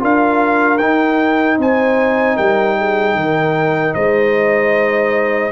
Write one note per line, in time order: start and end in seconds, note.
0.00 0.80 D4
0.00 0.79 F4
0.00 1.58 A#4
0.00 0.78 F5
0.78 1.58 D#4
0.78 5.52 D#4
0.78 1.57 G5
1.58 2.37 C4
1.58 2.37 C5
1.58 2.37 G#5
2.37 3.15 G3
2.37 2.76 A#4
2.37 3.95 G5
2.78 3.17 G#4
3.15 3.94 D#3
3.15 3.95 A#4
3.95 5.52 G#3
3.95 5.52 C5
3.95 5.52 D#5